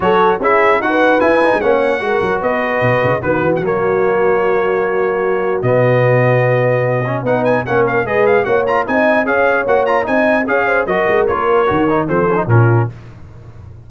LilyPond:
<<
  \new Staff \with { instrumentName = "trumpet" } { \time 4/4 \tempo 4 = 149 cis''4 e''4 fis''4 gis''4 | fis''2 dis''2 | b'8. fis''16 cis''2.~ | cis''2 dis''2~ |
dis''2 fis''8 gis''8 fis''8 f''8 | dis''8 f''8 fis''8 ais''8 gis''4 f''4 | fis''8 ais''8 gis''4 f''4 dis''4 | cis''2 c''4 ais'4 | }
  \new Staff \with { instrumentName = "horn" } { \time 4/4 a'4 gis'4 fis'16 b'4.~ b'16 | cis''4 ais'4 b'2 | fis'1~ | fis'1~ |
fis'2 b'4 ais'4 | b'4 cis''4 dis''4 cis''4~ | cis''4 dis''4 cis''8 c''8 ais'4~ | ais'2 a'4 f'4 | }
  \new Staff \with { instrumentName = "trombone" } { \time 4/4 fis'4 e'4 fis'4 e'8 dis'8 | cis'4 fis'2. | b4 ais2.~ | ais2 b2~ |
b4. cis'8 dis'4 cis'4 | gis'4 fis'8 f'8 dis'4 gis'4 | fis'8 f'8 dis'4 gis'4 fis'4 | f'4 fis'8 dis'8 c'8 cis'16 dis'16 cis'4 | }
  \new Staff \with { instrumentName = "tuba" } { \time 4/4 fis4 cis'4 dis'4 e'8. gis16 | ais4 gis8 fis8 b4 b,8 cis8 | dis8 e8 fis2.~ | fis2 b,2~ |
b,2 b4 ais4 | gis4 ais4 c'4 cis'4 | ais4 c'4 cis'4 fis8 gis8 | ais4 dis4 f4 ais,4 | }
>>